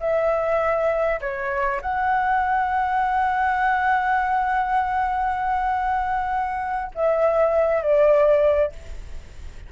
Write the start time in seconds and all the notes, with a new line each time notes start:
0.00 E5
1.21 C#5
1.81 F#5
6.95 E5
7.82 D5